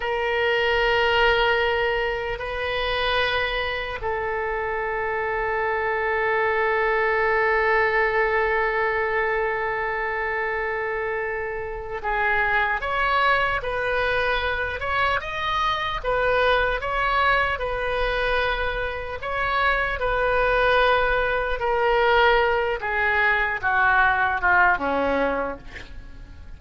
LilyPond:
\new Staff \with { instrumentName = "oboe" } { \time 4/4 \tempo 4 = 75 ais'2. b'4~ | b'4 a'2.~ | a'1~ | a'2. gis'4 |
cis''4 b'4. cis''8 dis''4 | b'4 cis''4 b'2 | cis''4 b'2 ais'4~ | ais'8 gis'4 fis'4 f'8 cis'4 | }